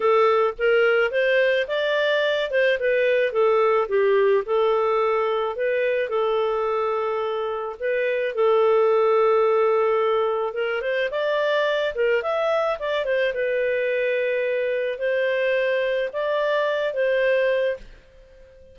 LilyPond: \new Staff \with { instrumentName = "clarinet" } { \time 4/4 \tempo 4 = 108 a'4 ais'4 c''4 d''4~ | d''8 c''8 b'4 a'4 g'4 | a'2 b'4 a'4~ | a'2 b'4 a'4~ |
a'2. ais'8 c''8 | d''4. ais'8 e''4 d''8 c''8 | b'2. c''4~ | c''4 d''4. c''4. | }